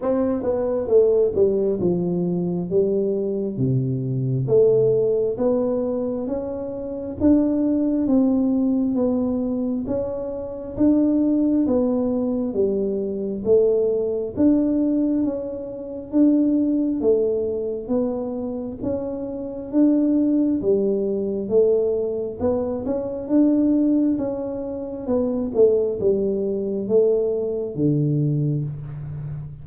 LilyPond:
\new Staff \with { instrumentName = "tuba" } { \time 4/4 \tempo 4 = 67 c'8 b8 a8 g8 f4 g4 | c4 a4 b4 cis'4 | d'4 c'4 b4 cis'4 | d'4 b4 g4 a4 |
d'4 cis'4 d'4 a4 | b4 cis'4 d'4 g4 | a4 b8 cis'8 d'4 cis'4 | b8 a8 g4 a4 d4 | }